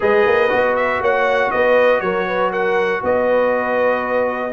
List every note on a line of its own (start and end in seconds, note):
0.00 0.26 G#3
0.00 0.48 G#4
0.00 0.97 B4
0.00 0.76 D#5
0.26 0.51 A#3
0.48 1.01 B3
0.48 4.52 F#4
0.76 1.01 E5
1.01 1.51 A#3
1.01 1.51 C#5
1.01 1.50 F#5
1.50 2.00 B3
1.50 2.02 B4
1.50 2.00 D#5
2.00 3.01 F#3
2.00 2.27 A#4
2.00 2.50 C#5
2.27 2.51 B4
2.51 3.02 A#4
2.51 3.03 F#5
3.03 4.52 B3
3.03 4.52 B4
3.03 4.52 D#5